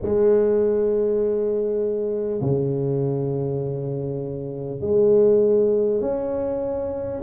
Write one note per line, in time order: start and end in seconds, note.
0.02 2.41 G#3
2.41 4.81 C#3
4.81 6.00 G#3
6.00 7.20 C#4